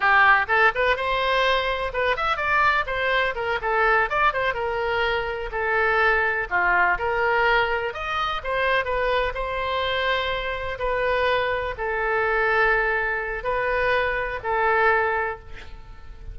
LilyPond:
\new Staff \with { instrumentName = "oboe" } { \time 4/4 \tempo 4 = 125 g'4 a'8 b'8 c''2 | b'8 e''8 d''4 c''4 ais'8 a'8~ | a'8 d''8 c''8 ais'2 a'8~ | a'4. f'4 ais'4.~ |
ais'8 dis''4 c''4 b'4 c''8~ | c''2~ c''8 b'4.~ | b'8 a'2.~ a'8 | b'2 a'2 | }